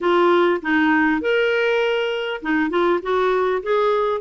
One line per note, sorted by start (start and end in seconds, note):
0.00 0.60 F4
0.62 1.21 D#4
1.21 2.41 A#4
2.42 2.69 D#4
2.69 2.99 F4
3.02 3.62 F#4
3.62 4.21 G#4